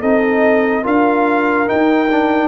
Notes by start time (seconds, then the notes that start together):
0.00 C4 D#4 A4 D#5
0.82 D4 F4 A#4 F5
1.66 D#4 G5
2.10 D4